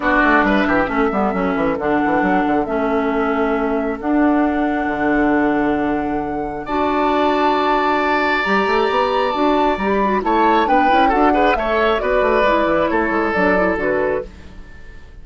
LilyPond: <<
  \new Staff \with { instrumentName = "flute" } { \time 4/4 \tempo 4 = 135 d''4 e''2. | fis''2 e''2~ | e''4 fis''2.~ | fis''2. a''4~ |
a''2. ais''4~ | ais''4 a''4 ais''16 b''8. a''4 | g''4 fis''4 e''4 d''4~ | d''4 cis''4 d''4 b'4 | }
  \new Staff \with { instrumentName = "oboe" } { \time 4/4 fis'4 b'8 g'8 a'2~ | a'1~ | a'1~ | a'2. d''4~ |
d''1~ | d''2. cis''4 | b'4 a'8 b'8 cis''4 b'4~ | b'4 a'2. | }
  \new Staff \with { instrumentName = "clarinet" } { \time 4/4 d'2 cis'8 b8 cis'4 | d'2 cis'2~ | cis'4 d'2.~ | d'2. fis'4~ |
fis'2. g'4~ | g'4 fis'4 g'8 fis'8 e'4 | d'8 e'8 fis'8 gis'8 a'4 fis'4 | e'2 d'8 e'8 fis'4 | }
  \new Staff \with { instrumentName = "bassoon" } { \time 4/4 b8 a8 g8 e8 a8 g8 fis8 e8 | d8 e8 fis8 d8 a2~ | a4 d'2 d4~ | d2. d'4~ |
d'2. g8 a8 | b4 d'4 g4 a4 | b8 cis'8 d'4 a4 b8 a8 | gis8 e8 a8 gis8 fis4 d4 | }
>>